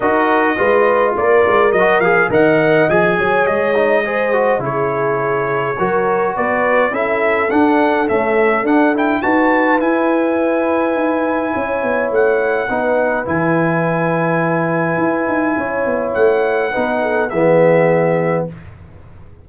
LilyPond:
<<
  \new Staff \with { instrumentName = "trumpet" } { \time 4/4 \tempo 4 = 104 dis''2 d''4 dis''8 f''8 | fis''4 gis''4 dis''2 | cis''2. d''4 | e''4 fis''4 e''4 fis''8 g''8 |
a''4 gis''2.~ | gis''4 fis''2 gis''4~ | gis''1 | fis''2 e''2 | }
  \new Staff \with { instrumentName = "horn" } { \time 4/4 ais'4 b'4 ais'2 | dis''4. cis''4. c''4 | gis'2 ais'4 b'4 | a'1 |
b'1 | cis''2 b'2~ | b'2. cis''4~ | cis''4 b'8 a'8 gis'2 | }
  \new Staff \with { instrumentName = "trombone" } { \time 4/4 fis'4 f'2 fis'8 gis'8 | ais'4 gis'4. dis'8 gis'8 fis'8 | e'2 fis'2 | e'4 d'4 a4 d'8 e'8 |
fis'4 e'2.~ | e'2 dis'4 e'4~ | e'1~ | e'4 dis'4 b2 | }
  \new Staff \with { instrumentName = "tuba" } { \time 4/4 dis'4 gis4 ais8 gis8 fis8 f8 | dis4 f8 fis8 gis2 | cis2 fis4 b4 | cis'4 d'4 cis'4 d'4 |
dis'4 e'2 dis'4 | cis'8 b8 a4 b4 e4~ | e2 e'8 dis'8 cis'8 b8 | a4 b4 e2 | }
>>